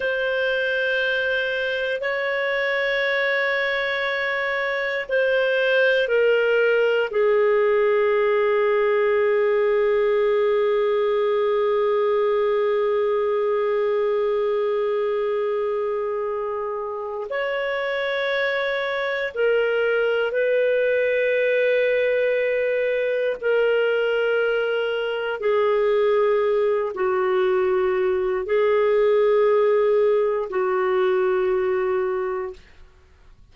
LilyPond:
\new Staff \with { instrumentName = "clarinet" } { \time 4/4 \tempo 4 = 59 c''2 cis''2~ | cis''4 c''4 ais'4 gis'4~ | gis'1~ | gis'1~ |
gis'4 cis''2 ais'4 | b'2. ais'4~ | ais'4 gis'4. fis'4. | gis'2 fis'2 | }